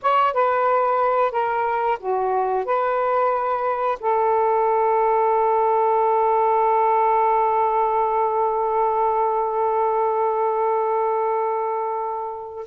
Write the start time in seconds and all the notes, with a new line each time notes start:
0.02 C#5
0.33 B4
1.31 A#4
1.99 F#4
2.65 B4
3.99 A4